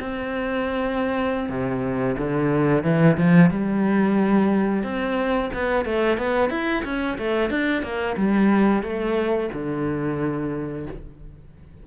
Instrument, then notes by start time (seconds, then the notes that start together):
cello
0.00 C4
1.49 C3
2.18 D3
2.83 E3
3.17 F3
3.50 G3
4.83 C4
5.53 B3
5.85 A3
6.17 B3
6.50 E4
6.84 C#4
7.18 A3
7.50 D4
7.83 A#3
8.17 G3
8.83 A3
9.53 D3